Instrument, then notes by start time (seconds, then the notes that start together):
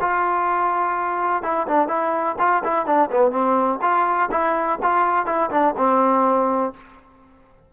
trombone
0.00 F4
1.42 E4
1.67 D4
1.88 E4
2.38 F4
2.64 E4
2.85 D4
3.11 B3
3.31 C4
3.81 F4
4.31 E4
4.82 F4
5.26 E4
5.50 D4
5.77 C4